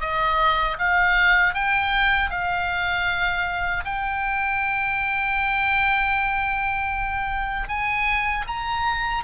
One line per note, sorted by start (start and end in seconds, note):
0.00 0.77 D#5
0.79 1.54 F5
1.54 2.30 G5
2.30 3.84 F5
3.85 7.68 G5
7.68 8.45 G#5
8.47 9.24 A#5